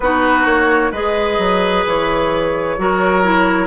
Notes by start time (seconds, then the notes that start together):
0.00 B3 D#4 F#4 B4
0.45 A#3 C#5
0.91 G#3 G#4 B4 D#5
1.38 F#3
1.86 E3 C#5
2.78 F#3 F#4 A#4
3.24 E4